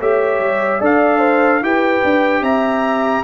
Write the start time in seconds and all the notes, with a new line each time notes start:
0.00 A3 G4 C#5 E5
0.40 G3
0.80 D4 A4 D5 F5
1.19 C5
1.62 E4 G4 B4 G5
2.04 D4
2.41 C4 E5 A#5